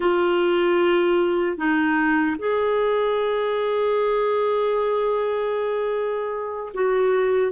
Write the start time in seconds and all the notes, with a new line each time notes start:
0.00 F4
1.57 D#4
2.38 G#4
6.74 F#4